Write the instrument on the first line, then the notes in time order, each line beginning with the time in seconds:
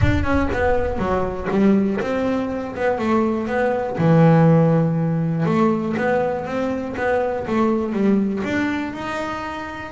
double bass
0.01 D4
0.23 C#4
0.52 B3
0.98 F#3
1.51 G3
2.00 C4
2.75 B3
2.98 A3
3.47 B3
3.98 E3
5.45 A3
5.96 B3
6.45 C4
6.97 B3
7.47 A3
7.92 G3
8.43 D4
8.93 D#4